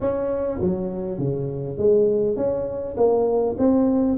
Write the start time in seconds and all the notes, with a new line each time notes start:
0.00 C#4
0.60 F#3
1.18 C#3
1.77 G#3
2.36 C#4
2.96 A#3
3.58 C4